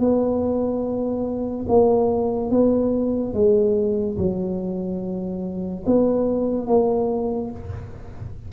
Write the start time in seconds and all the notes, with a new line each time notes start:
0.00 B3
1.69 A#3
2.51 B3
3.34 G#3
4.18 F#3
5.87 B3
6.68 A#3